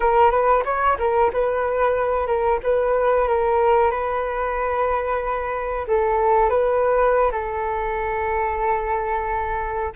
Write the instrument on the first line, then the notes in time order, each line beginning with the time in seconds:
flute
0.00 A#4
0.31 B4
0.65 C#5
0.98 A#4
1.32 B4
2.26 A#4
2.63 B4
3.28 A#4
3.90 B4
5.87 A4
6.49 B4
7.31 A4